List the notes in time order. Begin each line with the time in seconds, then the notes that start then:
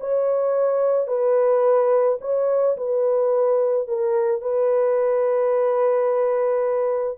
0.00 C#5
1.07 B4
2.21 C#5
2.77 B4
3.88 A#4
4.41 B4